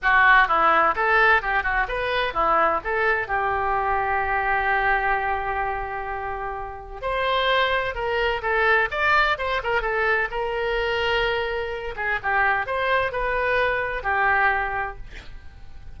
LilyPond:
\new Staff \with { instrumentName = "oboe" } { \time 4/4 \tempo 4 = 128 fis'4 e'4 a'4 g'8 fis'8 | b'4 e'4 a'4 g'4~ | g'1~ | g'2. c''4~ |
c''4 ais'4 a'4 d''4 | c''8 ais'8 a'4 ais'2~ | ais'4. gis'8 g'4 c''4 | b'2 g'2 | }